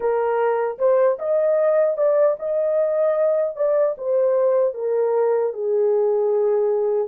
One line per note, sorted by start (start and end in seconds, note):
0.00 0.78 A#4
0.78 1.17 C5
1.18 1.97 D#5
1.97 2.36 D5
2.39 3.56 D#5
3.56 3.95 D5
3.97 4.74 C5
4.74 5.53 A#4
5.53 7.08 G#4